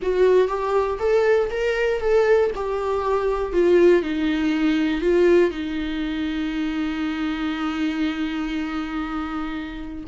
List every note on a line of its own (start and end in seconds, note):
0.01 0.48 F#4
0.48 0.98 G4
0.99 1.49 A4
1.50 2.00 A#4
2.00 2.50 A4
2.55 3.52 G4
3.52 4.02 F4
4.02 5.01 D#4
5.01 5.50 F4
5.50 10.04 D#4